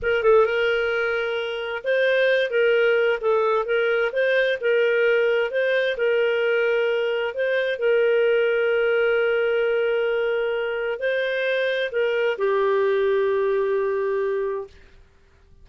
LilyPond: \new Staff \with { instrumentName = "clarinet" } { \time 4/4 \tempo 4 = 131 ais'8 a'8 ais'2. | c''4. ais'4. a'4 | ais'4 c''4 ais'2 | c''4 ais'2. |
c''4 ais'2.~ | ais'1 | c''2 ais'4 g'4~ | g'1 | }